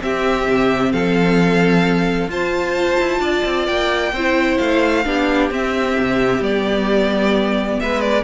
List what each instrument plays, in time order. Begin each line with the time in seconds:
0.00 viola C4, cello C4, violin G4 E5
0.50 cello C3
0.93 cello F3, violin A4 F5
2.28 cello F4, viola F4, violin C5 A5
3.00 cello E4
3.20 cello D4, violin D5
3.45 cello C4
3.67 cello A#3, violin G5
4.13 cello C4, viola E4, violin C5
4.58 cello A3, violin F5
5.05 cello B3, viola D4, violin G4
5.51 viola C4, cello C4, violin E5
5.99 cello C3
6.40 cello G3, viola B3, violin D5
7.80 cello G#3, violin B4 E5
8.01 violin D5